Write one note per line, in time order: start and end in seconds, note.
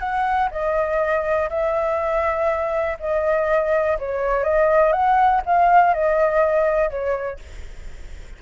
0.00 0.49 F#5
0.51 1.50 D#5
1.50 2.97 E5
3.00 3.98 D#5
3.99 4.44 C#5
4.44 4.93 D#5
4.93 5.42 F#5
5.46 5.94 F5
5.94 6.90 D#5
6.90 7.39 C#5